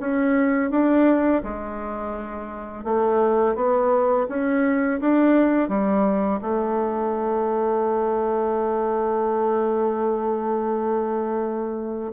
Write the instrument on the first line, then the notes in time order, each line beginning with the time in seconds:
bassoon
0.00 C#4
0.71 D4
1.44 G#3
2.84 A3
3.56 B3
4.29 C#4
5.01 D4
5.69 G3
6.42 A3